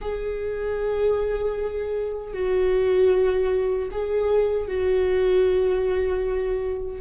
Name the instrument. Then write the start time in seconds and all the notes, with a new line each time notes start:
viola
0.01 G#4
2.33 F#4
3.91 G#4
4.68 F#4